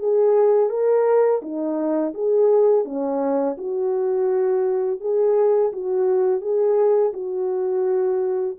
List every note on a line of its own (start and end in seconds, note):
0.00 0.70 G#4
0.70 1.42 A#4
1.43 2.14 D#4
2.15 2.85 G#4
2.85 3.57 C#4
3.58 5.01 F#4
5.01 5.72 G#4
5.73 6.42 F#4
6.42 7.13 G#4
7.14 8.57 F#4